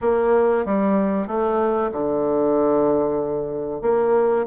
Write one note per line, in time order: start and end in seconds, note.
0.01 0.65 A#3
0.65 1.27 G3
1.27 1.91 A3
1.91 3.81 D3
3.81 4.45 A#3